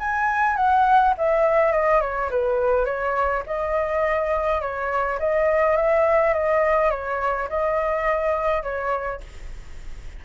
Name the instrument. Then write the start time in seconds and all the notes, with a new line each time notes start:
flute
0.00 G#5
0.57 F#5
1.18 E5
1.73 D#5
2.01 C#5
2.31 B4
2.86 C#5
3.47 D#5
4.62 C#5
5.20 D#5
5.77 E5
6.34 D#5
6.91 C#5
7.50 D#5
8.63 C#5